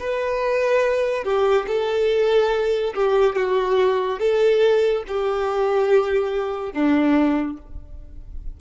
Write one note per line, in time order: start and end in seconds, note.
0.00 1.24 B4
1.24 1.67 G4
1.67 2.94 A4
2.95 3.36 G4
3.36 4.19 F#4
4.19 5.04 A4
5.08 6.73 G4
6.73 7.58 D4